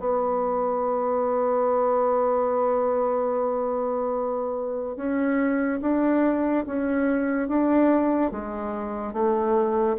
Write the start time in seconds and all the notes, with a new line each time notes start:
0.00 B3
4.97 C#4
5.82 D4
6.67 C#4
7.49 D4
8.32 G#3
9.14 A3